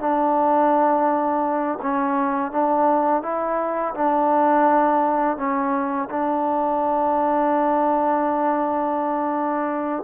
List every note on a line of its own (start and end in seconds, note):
0.00 1.79 D4
1.82 2.52 C#4
2.52 3.23 D4
3.23 3.94 E4
3.94 5.37 D4
5.37 6.09 C#4
6.10 10.03 D4